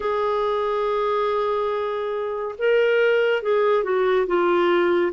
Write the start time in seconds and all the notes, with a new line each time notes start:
0.00 G#4
2.58 A#4
3.42 G#4
3.83 F#4
4.26 F4